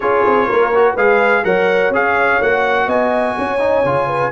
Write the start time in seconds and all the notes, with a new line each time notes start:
0.00 C#4 F4 G#4 C#5
0.25 C4
0.46 A#3 A#4
0.74 F#4
0.94 G#3 G#4 B4 F5
1.44 F#3 A#4 C#5 F#5
1.90 C#4 G#4 F5
2.41 A#3 F#4 F#5
2.86 B3 D#5 G#5
3.37 C#4 C#5
3.58 D#4
3.84 C#3 F4
4.07 B4